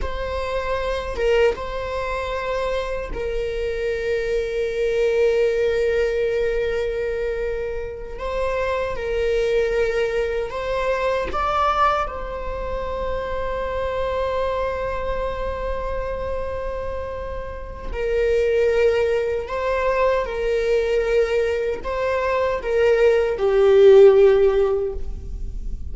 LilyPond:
\new Staff \with { instrumentName = "viola" } { \time 4/4 \tempo 4 = 77 c''4. ais'8 c''2 | ais'1~ | ais'2~ ais'8 c''4 ais'8~ | ais'4. c''4 d''4 c''8~ |
c''1~ | c''2. ais'4~ | ais'4 c''4 ais'2 | c''4 ais'4 g'2 | }